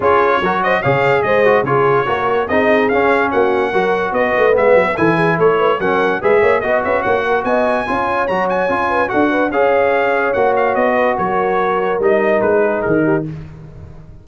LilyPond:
<<
  \new Staff \with { instrumentName = "trumpet" } { \time 4/4 \tempo 4 = 145 cis''4. dis''8 f''4 dis''4 | cis''2 dis''4 f''4 | fis''2 dis''4 e''4 | gis''4 cis''4 fis''4 e''4 |
dis''8 e''8 fis''4 gis''2 | ais''8 gis''4. fis''4 f''4~ | f''4 fis''8 f''8 dis''4 cis''4~ | cis''4 dis''4 b'4 ais'4 | }
  \new Staff \with { instrumentName = "horn" } { \time 4/4 gis'4 ais'8 c''8 cis''4 c''4 | gis'4 ais'4 gis'2 | fis'4 ais'4 b'2 | a'8 gis'8 a'8 b'8 ais'4 b'8 cis''8 |
dis''8 b'8 cis''8 ais'8 dis''4 cis''4~ | cis''4. b'8 a'8 b'8 cis''4~ | cis''2~ cis''8 b'8 ais'4~ | ais'2~ ais'8 gis'4 g'8 | }
  \new Staff \with { instrumentName = "trombone" } { \time 4/4 f'4 fis'4 gis'4. fis'8 | f'4 fis'4 dis'4 cis'4~ | cis'4 fis'2 b4 | e'2 cis'4 gis'4 |
fis'2. f'4 | fis'4 f'4 fis'4 gis'4~ | gis'4 fis'2.~ | fis'4 dis'2. | }
  \new Staff \with { instrumentName = "tuba" } { \time 4/4 cis'4 fis4 cis4 gis4 | cis4 ais4 c'4 cis'4 | ais4 fis4 b8 a8 gis8 fis8 | e4 a4 fis4 gis8 ais8 |
b8 cis'8 ais4 b4 cis'4 | fis4 cis'4 d'4 cis'4~ | cis'4 ais4 b4 fis4~ | fis4 g4 gis4 dis4 | }
>>